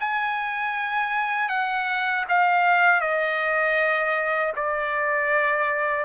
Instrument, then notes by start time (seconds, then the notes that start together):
trumpet
0.00 G#5
1.49 F#5
2.29 F5
3.01 D#5
4.56 D5